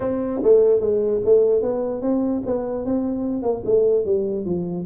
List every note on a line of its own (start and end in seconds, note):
0.00 0.41 C4
0.43 0.80 A3
0.80 1.21 G#3
1.24 1.62 A3
1.62 2.01 B3
2.01 2.42 C4
2.46 2.85 B3
2.85 3.42 C4
3.42 3.62 A#3
3.65 4.05 A3
4.05 4.45 G3
4.45 4.85 F3